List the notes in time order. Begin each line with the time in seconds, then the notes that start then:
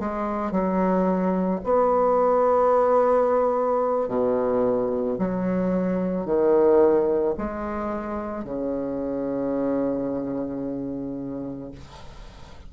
0.00 G#3
0.52 F#3
1.64 B3
4.09 B2
5.19 F#3
6.26 D#3
7.38 G#3
8.44 C#3